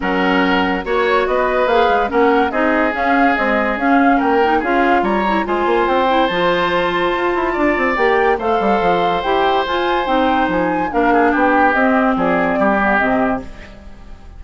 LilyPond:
<<
  \new Staff \with { instrumentName = "flute" } { \time 4/4 \tempo 4 = 143 fis''2 cis''4 dis''4 | f''4 fis''4 dis''4 f''4 | dis''4 f''4 g''4 f''4 | ais''4 gis''4 g''4 a''4~ |
a''2. g''4 | f''2 g''4 gis''4 | g''4 gis''4 f''4 g''4 | dis''4 d''2 dis''4 | }
  \new Staff \with { instrumentName = "oboe" } { \time 4/4 ais'2 cis''4 b'4~ | b'4 ais'4 gis'2~ | gis'2 ais'4 gis'4 | cis''4 c''2.~ |
c''2 d''2 | c''1~ | c''2 ais'8 gis'8 g'4~ | g'4 gis'4 g'2 | }
  \new Staff \with { instrumentName = "clarinet" } { \time 4/4 cis'2 fis'2 | gis'4 cis'4 dis'4 cis'4 | gis4 cis'4. dis'8 f'4~ | f'8 e'8 f'4. e'8 f'4~ |
f'2. g'4 | a'2 g'4 f'4 | dis'2 d'2 | c'2~ c'8 b8 c'4 | }
  \new Staff \with { instrumentName = "bassoon" } { \time 4/4 fis2 ais4 b4 | ais8 gis8 ais4 c'4 cis'4 | c'4 cis'4 ais4 cis'4 | g4 gis8 ais8 c'4 f4~ |
f4 f'8 e'8 d'8 c'8 ais4 | a8 g8 f4 e'4 f'4 | c'4 f4 ais4 b4 | c'4 f4 g4 c4 | }
>>